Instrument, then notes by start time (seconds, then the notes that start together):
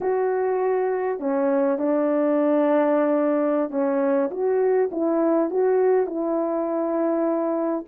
horn
0.00 F#4
1.19 C#4
1.78 D4
3.70 C#4
4.30 F#4
4.91 E4
5.50 F#4
6.06 E4